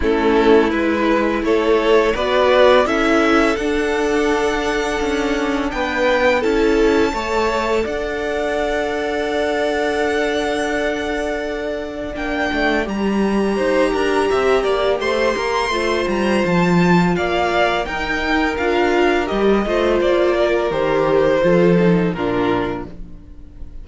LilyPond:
<<
  \new Staff \with { instrumentName = "violin" } { \time 4/4 \tempo 4 = 84 a'4 b'4 cis''4 d''4 | e''4 fis''2. | g''4 a''2 fis''4~ | fis''1~ |
fis''4 g''4 ais''2~ | ais''4 c'''4. ais''8 a''4 | f''4 g''4 f''4 dis''4 | d''4 c''2 ais'4 | }
  \new Staff \with { instrumentName = "violin" } { \time 4/4 e'2 a'4 b'4 | a'1 | b'4 a'4 cis''4 d''4~ | d''1~ |
d''2. c''8 ais'8 | e''8 d''8 c''8 ais'8 c''2 | d''4 ais'2~ ais'8 c''8~ | c''8 ais'4. a'4 f'4 | }
  \new Staff \with { instrumentName = "viola" } { \time 4/4 cis'4 e'2 fis'4 | e'4 d'2.~ | d'4 e'4 a'2~ | a'1~ |
a'4 d'4 g'2~ | g'2 f'2~ | f'4 dis'4 f'4 g'8 f'8~ | f'4 g'4 f'8 dis'8 d'4 | }
  \new Staff \with { instrumentName = "cello" } { \time 4/4 a4 gis4 a4 b4 | cis'4 d'2 cis'4 | b4 cis'4 a4 d'4~ | d'1~ |
d'4 ais8 a8 g4 dis'8 d'8 | c'8 ais8 a8 ais8 a8 g8 f4 | ais4 dis'4 d'4 g8 a8 | ais4 dis4 f4 ais,4 | }
>>